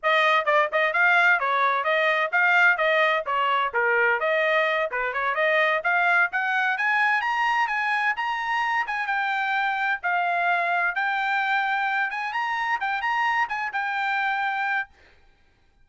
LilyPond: \new Staff \with { instrumentName = "trumpet" } { \time 4/4 \tempo 4 = 129 dis''4 d''8 dis''8 f''4 cis''4 | dis''4 f''4 dis''4 cis''4 | ais'4 dis''4. b'8 cis''8 dis''8~ | dis''8 f''4 fis''4 gis''4 ais''8~ |
ais''8 gis''4 ais''4. gis''8 g''8~ | g''4. f''2 g''8~ | g''2 gis''8 ais''4 g''8 | ais''4 gis''8 g''2~ g''8 | }